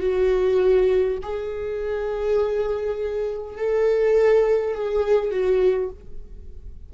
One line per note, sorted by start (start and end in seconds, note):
0.00 1.18 F#4
1.23 3.58 G#4
3.58 4.75 A4
4.75 5.31 G#4
5.31 5.90 F#4